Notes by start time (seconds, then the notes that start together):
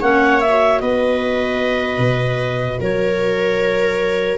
0.00 A#3 C#4 C#5 F#5
0.40 F#4 E5
0.80 B3 B4 D#5
1.98 B2
2.80 F#3 A#4 C#5